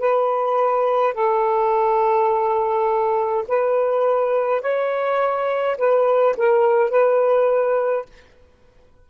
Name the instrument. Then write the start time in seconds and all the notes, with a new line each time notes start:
saxophone
0.00 B4
1.14 A4
3.48 B4
4.62 C#5
5.77 B4
6.37 A#4
6.90 B4